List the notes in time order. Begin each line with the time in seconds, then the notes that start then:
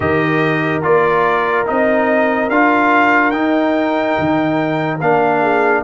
0.00 D#3 G4 A#4 D#5
0.82 A#3 F4 D5
1.66 C4 D#4 D#5
2.49 D4 F4 F5
3.30 D#4 G5
4.19 D#3
5.00 A#3 D4 F5
5.41 G#4